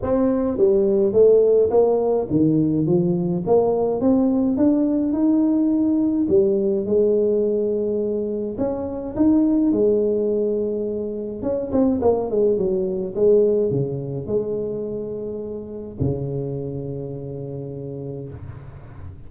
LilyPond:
\new Staff \with { instrumentName = "tuba" } { \time 4/4 \tempo 4 = 105 c'4 g4 a4 ais4 | dis4 f4 ais4 c'4 | d'4 dis'2 g4 | gis2. cis'4 |
dis'4 gis2. | cis'8 c'8 ais8 gis8 fis4 gis4 | cis4 gis2. | cis1 | }